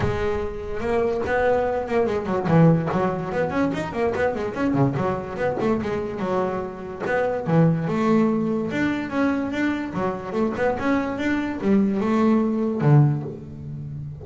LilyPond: \new Staff \with { instrumentName = "double bass" } { \time 4/4 \tempo 4 = 145 gis2 ais4 b4~ | b8 ais8 gis8 fis8 e4 fis4 | b8 cis'8 dis'8 ais8 b8 gis8 cis'8 cis8 | fis4 b8 a8 gis4 fis4~ |
fis4 b4 e4 a4~ | a4 d'4 cis'4 d'4 | fis4 a8 b8 cis'4 d'4 | g4 a2 d4 | }